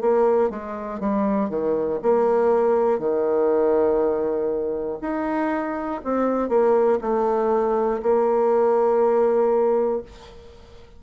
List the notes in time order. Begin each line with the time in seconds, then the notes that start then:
0.00 A#3
0.50 G#3
1.00 G3
1.49 D#3
2.02 A#3
2.98 D#3
5.00 D#4
6.04 C4
6.49 A#3
7.00 A3
8.02 A#3